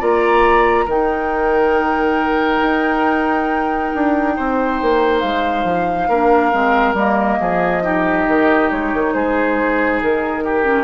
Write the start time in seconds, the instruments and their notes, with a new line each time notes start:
0.00 bassoon A#3, clarinet F4, oboe D5, flute A#5
0.86 bassoon D#3, clarinet D#4, oboe A#4, flute G5
2.62 bassoon D#4
3.95 bassoon D4
4.37 bassoon C4, oboe C5
4.82 bassoon A#3
5.20 bassoon G#3, flute F5
5.64 bassoon F3
6.09 bassoon A#3, clarinet D4, oboe A#4
6.53 bassoon G#3, clarinet C4
6.94 bassoon G3, clarinet A#3, flute D#5
7.40 bassoon F3, oboe G#4
7.83 clarinet D#4, oboe G4
8.28 bassoon D#3
8.71 bassoon G#3, flute C#5
8.94 bassoon D#3
9.14 bassoon G#3, oboe G#4, flute C5
10.02 bassoon D#3, flute A#4
10.45 oboe G4
10.64 clarinet C#4